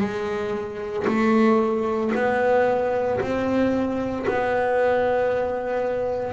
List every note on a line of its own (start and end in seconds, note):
0.00 1.05 G#3
1.07 2.12 A3
2.15 3.21 B3
3.21 4.26 C4
4.27 6.33 B3